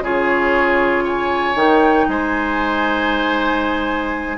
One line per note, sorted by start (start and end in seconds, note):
0.00 1.54 C#3
0.00 1.55 F4
0.00 1.04 G#4
0.00 1.06 C#5
1.04 2.06 C#5
1.04 1.57 G#5
1.55 2.06 D#3
1.55 4.37 D#4
1.55 2.09 G5
2.08 4.37 G#3
2.08 4.37 C5
2.08 4.37 G#5